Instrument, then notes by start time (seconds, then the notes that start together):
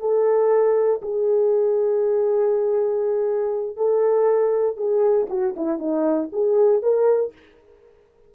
horn
0.00 A4
1.02 G#4
3.77 A4
4.77 G#4
5.30 F#4
5.57 E4
5.79 D#4
6.33 G#4
6.83 A#4